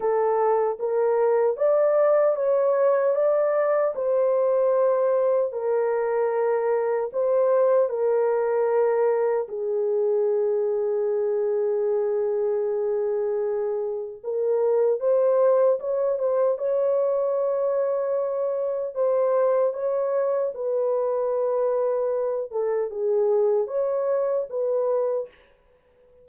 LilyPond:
\new Staff \with { instrumentName = "horn" } { \time 4/4 \tempo 4 = 76 a'4 ais'4 d''4 cis''4 | d''4 c''2 ais'4~ | ais'4 c''4 ais'2 | gis'1~ |
gis'2 ais'4 c''4 | cis''8 c''8 cis''2. | c''4 cis''4 b'2~ | b'8 a'8 gis'4 cis''4 b'4 | }